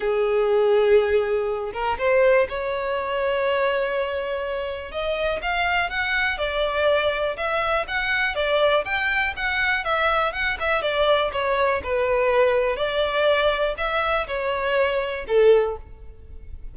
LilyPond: \new Staff \with { instrumentName = "violin" } { \time 4/4 \tempo 4 = 122 gis'2.~ gis'8 ais'8 | c''4 cis''2.~ | cis''2 dis''4 f''4 | fis''4 d''2 e''4 |
fis''4 d''4 g''4 fis''4 | e''4 fis''8 e''8 d''4 cis''4 | b'2 d''2 | e''4 cis''2 a'4 | }